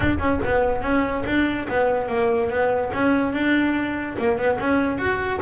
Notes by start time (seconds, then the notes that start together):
0.00 D4
0.18 C#4
0.44 B3
0.81 C#4
1.25 D4
1.68 B3
2.08 A#3
2.50 B3
2.93 C#4
3.32 D4
4.18 A#3
4.37 B3
4.59 C#4
4.98 F#4